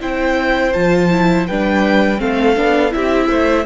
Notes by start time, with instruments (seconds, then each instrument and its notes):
0.00 cello C4, viola E4, violin C5 G5
0.73 cello F3, viola F4, violin A5
1.10 viola E4
1.47 cello G3, viola D4, violin B4 G5
2.18 cello A3, viola C4, violin A4 F5
2.56 cello B3, viola D4
2.91 cello C4, viola E4, violin G4 E5
3.28 cello A3, violin C5